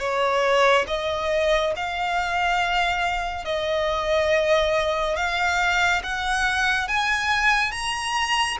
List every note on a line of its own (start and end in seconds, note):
0.00 0.86 C#5
0.88 1.74 D#5
1.76 3.45 F5
3.45 5.17 D#5
5.17 6.02 F5
6.04 6.88 F#5
6.88 7.72 G#5
7.72 8.58 A#5